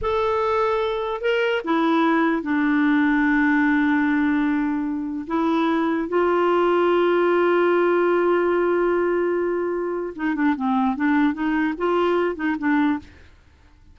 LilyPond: \new Staff \with { instrumentName = "clarinet" } { \time 4/4 \tempo 4 = 148 a'2. ais'4 | e'2 d'2~ | d'1~ | d'4 e'2 f'4~ |
f'1~ | f'1~ | f'4 dis'8 d'8 c'4 d'4 | dis'4 f'4. dis'8 d'4 | }